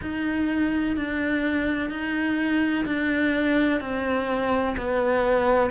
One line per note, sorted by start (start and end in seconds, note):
0.01 0.96 D#4
0.96 1.90 D4
1.90 2.85 D#4
2.85 3.80 D4
3.80 4.75 C4
4.77 5.70 B3